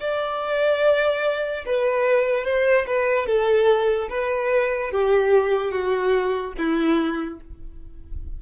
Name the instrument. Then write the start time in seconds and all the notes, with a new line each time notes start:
violin
0.00 D5
1.65 B4
2.44 C5
2.87 B4
3.26 A4
4.09 B4
4.92 G4
5.71 F#4
6.57 E4